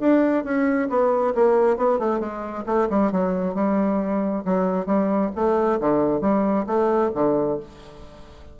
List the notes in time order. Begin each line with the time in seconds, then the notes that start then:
0.00 D4
0.44 C#4
0.89 B3
1.35 A#3
1.77 B3
1.99 A3
2.20 G#3
2.66 A3
2.90 G3
3.12 F#3
3.55 G3
4.45 F#3
4.86 G3
5.35 A3
5.80 D3
6.21 G3
6.66 A3
7.15 D3